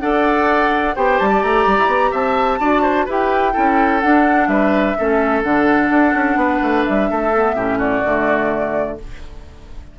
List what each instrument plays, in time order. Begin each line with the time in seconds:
0.00 bassoon D4, clarinet A4, oboe D5, flute F#5
0.96 bassoon B3, clarinet G4, oboe C5, flute G5
1.19 bassoon G3, flute A5
1.29 oboe D5
1.42 bassoon A3, flute A#5
1.66 bassoon G3
1.78 bassoon E4
1.87 bassoon B3
2.11 bassoon C4, oboe E5, flute A5
2.60 bassoon D4, clarinet F#4, oboe D5
2.82 oboe C5
3.05 bassoon E4, clarinet G4, oboe B4
3.11 flute G5
3.53 bassoon C#4, clarinet E4, oboe A4
4.00 clarinet D4, bassoon D4, flute F#5
4.47 bassoon G3, oboe B4, flute E5
4.98 bassoon A3, clarinet C#4, oboe A4
5.43 bassoon D3, clarinet D4, flute F#5
5.90 bassoon D4
6.14 bassoon C#4
6.36 bassoon B3, oboe B4
6.62 bassoon A3
6.84 bassoon G3, flute E5
7.10 bassoon A3, oboe A4
7.34 clarinet B3
7.54 bassoon A2, clarinet C#4, oboe G4
7.78 oboe F#4, flute D5
8.04 bassoon D3, clarinet A3